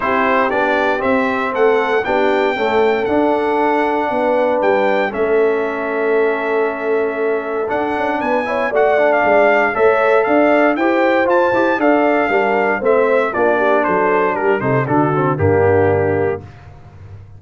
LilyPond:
<<
  \new Staff \with { instrumentName = "trumpet" } { \time 4/4 \tempo 4 = 117 c''4 d''4 e''4 fis''4 | g''2 fis''2~ | fis''4 g''4 e''2~ | e''2. fis''4 |
gis''4 fis''8. f''4~ f''16 e''4 | f''4 g''4 a''4 f''4~ | f''4 e''4 d''4 c''4 | ais'8 c''8 a'4 g'2 | }
  \new Staff \with { instrumentName = "horn" } { \time 4/4 g'2. a'4 | g'4 a'2. | b'2 a'2~ | a'1 |
b'8 cis''8 d''2 cis''4 | d''4 c''2 d''4 | ais'4 c''4 f'8 g'8 a'4 | g'8 a'8 fis'4 d'2 | }
  \new Staff \with { instrumentName = "trombone" } { \time 4/4 e'4 d'4 c'2 | d'4 a4 d'2~ | d'2 cis'2~ | cis'2. d'4~ |
d'8 e'8 fis'8 d'4. a'4~ | a'4 g'4 f'8 g'8 a'4 | d'4 c'4 d'2~ | d'8 dis'8 d'8 c'8 ais2 | }
  \new Staff \with { instrumentName = "tuba" } { \time 4/4 c'4 b4 c'4 a4 | b4 cis'4 d'2 | b4 g4 a2~ | a2. d'8 cis'8 |
b4 a4 gis4 a4 | d'4 e'4 f'8 e'8 d'4 | g4 a4 ais4 fis4 | g8 c8 d4 g,2 | }
>>